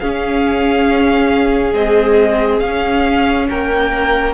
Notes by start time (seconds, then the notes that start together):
0.00 C#4 G#4 F5
1.72 G#3 C4 D#5
2.60 C#4 F5
3.50 A#3 A#4 G5